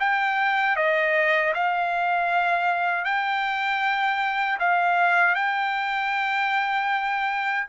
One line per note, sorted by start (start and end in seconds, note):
0.00 0.77 G5
0.77 1.53 D#5
1.54 3.05 F5
3.05 4.58 G5
4.59 5.35 F5
5.35 7.66 G5